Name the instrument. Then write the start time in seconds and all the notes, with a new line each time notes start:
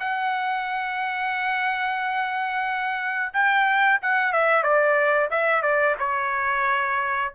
trumpet
0.00 F#5
3.34 G5
4.02 F#5
4.33 E5
4.63 D5
5.31 E5
5.62 D5
5.99 C#5